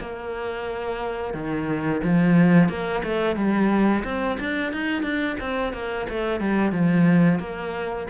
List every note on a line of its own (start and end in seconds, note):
0.00 1.34 A#3
1.34 2.01 D#3
2.03 2.69 F3
2.69 3.02 A#3
3.03 3.36 A3
3.36 4.03 G3
4.04 4.38 C4
4.40 4.73 D4
4.73 5.03 D#4
5.03 5.36 D4
5.40 5.73 C4
5.73 6.07 A#3
6.09 6.40 A3
6.40 6.72 G3
6.72 7.39 F3
7.39 8.07 A#3